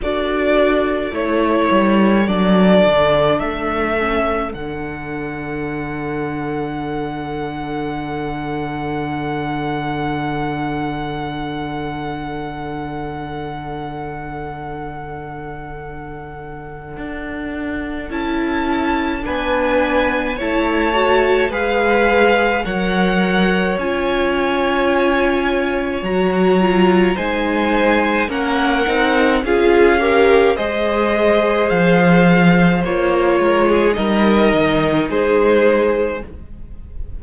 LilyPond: <<
  \new Staff \with { instrumentName = "violin" } { \time 4/4 \tempo 4 = 53 d''4 cis''4 d''4 e''4 | fis''1~ | fis''1~ | fis''1 |
a''4 gis''4 a''4 f''4 | fis''4 gis''2 ais''4 | gis''4 fis''4 f''4 dis''4 | f''4 cis''4 dis''4 c''4 | }
  \new Staff \with { instrumentName = "violin" } { \time 4/4 a'1~ | a'1~ | a'1~ | a'1~ |
a'4 b'4 cis''4 b'4 | cis''1 | c''4 ais'4 gis'8 ais'8 c''4~ | c''4. ais'16 gis'16 ais'4 gis'4 | }
  \new Staff \with { instrumentName = "viola" } { \time 4/4 fis'4 e'4 d'4. cis'8 | d'1~ | d'1~ | d'1 |
e'4 d'4 e'8 fis'8 gis'4 | ais'4 f'2 fis'8 f'8 | dis'4 cis'8 dis'8 f'8 g'8 gis'4~ | gis'4 f'4 dis'2 | }
  \new Staff \with { instrumentName = "cello" } { \time 4/4 d'4 a8 g8 fis8 d8 a4 | d1~ | d1~ | d2. d'4 |
cis'4 b4 a4 gis4 | fis4 cis'2 fis4 | gis4 ais8 c'8 cis'4 gis4 | f4 ais8 gis8 g8 dis8 gis4 | }
>>